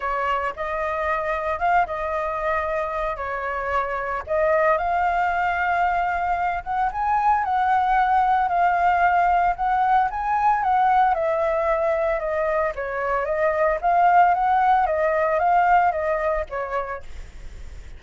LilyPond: \new Staff \with { instrumentName = "flute" } { \time 4/4 \tempo 4 = 113 cis''4 dis''2 f''8 dis''8~ | dis''2 cis''2 | dis''4 f''2.~ | f''8 fis''8 gis''4 fis''2 |
f''2 fis''4 gis''4 | fis''4 e''2 dis''4 | cis''4 dis''4 f''4 fis''4 | dis''4 f''4 dis''4 cis''4 | }